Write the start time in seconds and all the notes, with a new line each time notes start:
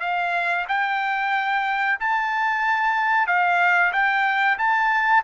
0.00 F5
0.68 G5
2.00 A5
3.27 F5
3.92 G5
4.58 A5